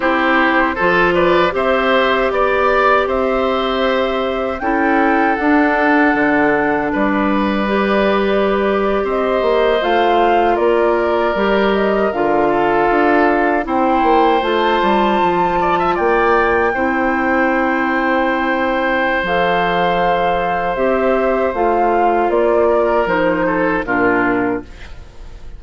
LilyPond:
<<
  \new Staff \with { instrumentName = "flute" } { \time 4/4 \tempo 4 = 78 c''4. d''8 e''4 d''4 | e''2 g''4 fis''4~ | fis''4 d''2~ d''8. dis''16~ | dis''8. f''4 d''4. dis''8 f''16~ |
f''4.~ f''16 g''4 a''4~ a''16~ | a''8. g''2.~ g''16~ | g''4 f''2 e''4 | f''4 d''4 c''4 ais'4 | }
  \new Staff \with { instrumentName = "oboe" } { \time 4/4 g'4 a'8 b'8 c''4 d''4 | c''2 a'2~ | a'4 b'2~ b'8. c''16~ | c''4.~ c''16 ais'2~ ais'16~ |
ais'16 a'4. c''2~ c''16~ | c''16 d''16 e''16 d''4 c''2~ c''16~ | c''1~ | c''4. ais'4 a'8 f'4 | }
  \new Staff \with { instrumentName = "clarinet" } { \time 4/4 e'4 f'4 g'2~ | g'2 e'4 d'4~ | d'2 g'2~ | g'8. f'2 g'4 f'16~ |
f'4.~ f'16 e'4 f'4~ f'16~ | f'4.~ f'16 e'2~ e'16~ | e'4 a'2 g'4 | f'2 dis'4 d'4 | }
  \new Staff \with { instrumentName = "bassoon" } { \time 4/4 c'4 f4 c'4 b4 | c'2 cis'4 d'4 | d4 g2~ g8. c'16~ | c'16 ais8 a4 ais4 g4 d16~ |
d8. d'4 c'8 ais8 a8 g8 f16~ | f8. ais4 c'2~ c'16~ | c'4 f2 c'4 | a4 ais4 f4 ais,4 | }
>>